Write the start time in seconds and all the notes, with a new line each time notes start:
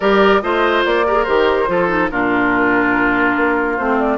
0.00 G3 G4 A#4 D5
0.41 A3 F4 C5 D#5
0.85 A#3 D5
1.06 G4 A#4
1.13 G#4
1.24 D#3 G4 C5
1.67 F3 F4 A4
1.87 D#4
2.10 A#2 D4 F4 A#4
3.36 A#3
3.77 A3 C4 C5
3.98 D5